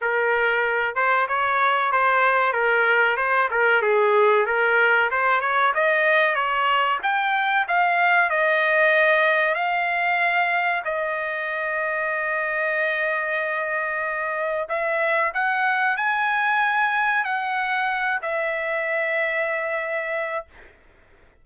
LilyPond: \new Staff \with { instrumentName = "trumpet" } { \time 4/4 \tempo 4 = 94 ais'4. c''8 cis''4 c''4 | ais'4 c''8 ais'8 gis'4 ais'4 | c''8 cis''8 dis''4 cis''4 g''4 | f''4 dis''2 f''4~ |
f''4 dis''2.~ | dis''2. e''4 | fis''4 gis''2 fis''4~ | fis''8 e''2.~ e''8 | }